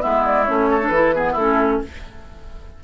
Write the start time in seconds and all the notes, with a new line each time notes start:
0.00 G#3 B3 E4 E5
0.25 D5
0.45 A3 C#4 C#5
0.70 A4
0.81 D4
0.88 E3 E4 B4
1.15 B3 G#4
1.32 A3 E4 A4
1.39 C#4